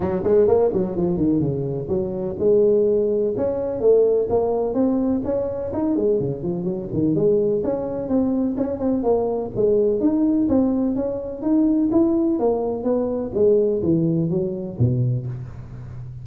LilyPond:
\new Staff \with { instrumentName = "tuba" } { \time 4/4 \tempo 4 = 126 fis8 gis8 ais8 fis8 f8 dis8 cis4 | fis4 gis2 cis'4 | a4 ais4 c'4 cis'4 | dis'8 gis8 cis8 f8 fis8 dis8 gis4 |
cis'4 c'4 cis'8 c'8 ais4 | gis4 dis'4 c'4 cis'4 | dis'4 e'4 ais4 b4 | gis4 e4 fis4 b,4 | }